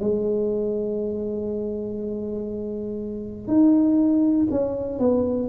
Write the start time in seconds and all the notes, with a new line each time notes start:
0.00 G#3
3.47 D#4
4.51 C#4
4.99 B3